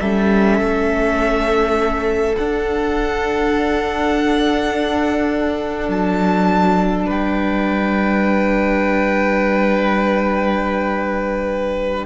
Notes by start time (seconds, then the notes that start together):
0.00 G3 C#4 A4 E5
0.60 A3
2.37 D4 F#5
5.88 F#3 A5
7.06 G3 B4 G5